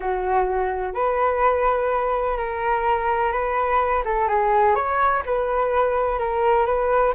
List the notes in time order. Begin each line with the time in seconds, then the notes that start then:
0.00 F#4
0.94 B4
2.37 A#4
3.32 B4
4.04 A4
4.28 G#4
4.75 C#5
5.25 B4
6.18 A#4
6.66 B4